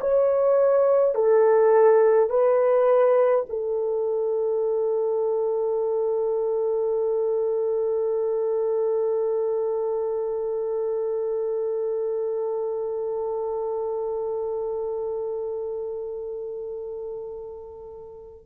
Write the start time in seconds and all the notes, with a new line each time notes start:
0.00 C#5
1.15 A4
2.30 B4
3.49 A4